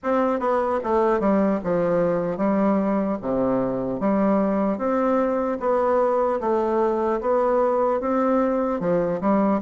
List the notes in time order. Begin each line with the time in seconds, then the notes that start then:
0.03 C4
0.39 B3
0.83 A3
1.20 G3
1.63 F3
2.37 G3
3.21 C3
4.00 G3
4.78 C4
5.60 B3
6.40 A3
7.20 B3
8.00 C4
8.80 F3
9.20 G3